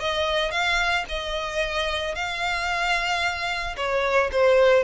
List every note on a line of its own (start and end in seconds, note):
0.00 0.51 D#5
0.51 1.05 F5
1.08 2.15 D#5
2.15 3.76 F5
3.77 4.30 C#5
4.32 4.83 C5